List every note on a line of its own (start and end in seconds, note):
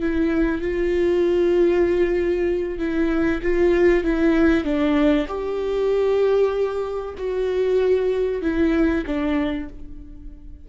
0.00 0.61 E4
0.61 2.79 F4
2.79 3.41 E4
3.42 4.04 F4
4.04 4.64 E4
4.64 5.27 D4
5.28 7.15 G4
7.18 8.42 F#4
8.42 9.04 E4
9.06 9.69 D4